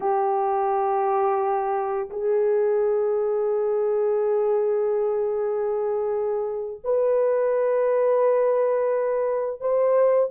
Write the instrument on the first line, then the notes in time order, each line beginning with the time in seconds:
horn
0.00 G4
2.10 G#4
6.83 B4
9.60 C5